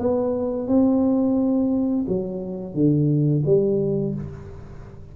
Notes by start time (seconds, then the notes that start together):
0.00 B3
0.68 C4
2.08 F#3
2.75 D3
3.46 G3